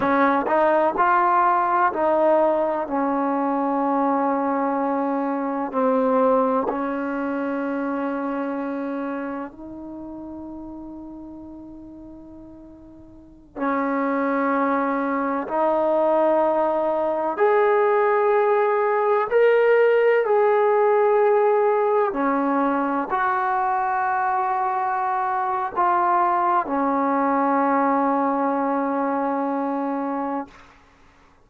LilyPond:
\new Staff \with { instrumentName = "trombone" } { \time 4/4 \tempo 4 = 63 cis'8 dis'8 f'4 dis'4 cis'4~ | cis'2 c'4 cis'4~ | cis'2 dis'2~ | dis'2~ dis'16 cis'4.~ cis'16~ |
cis'16 dis'2 gis'4.~ gis'16~ | gis'16 ais'4 gis'2 cis'8.~ | cis'16 fis'2~ fis'8. f'4 | cis'1 | }